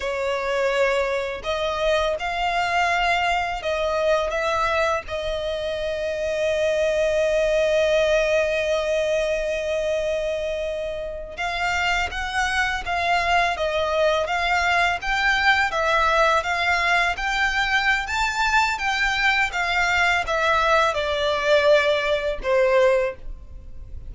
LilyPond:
\new Staff \with { instrumentName = "violin" } { \time 4/4 \tempo 4 = 83 cis''2 dis''4 f''4~ | f''4 dis''4 e''4 dis''4~ | dis''1~ | dis''2.~ dis''8. f''16~ |
f''8. fis''4 f''4 dis''4 f''16~ | f''8. g''4 e''4 f''4 g''16~ | g''4 a''4 g''4 f''4 | e''4 d''2 c''4 | }